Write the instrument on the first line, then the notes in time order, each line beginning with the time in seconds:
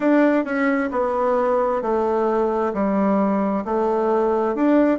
bassoon
0.00 D4
0.44 C#4
0.91 B3
1.81 A3
2.73 G3
3.64 A3
4.55 D4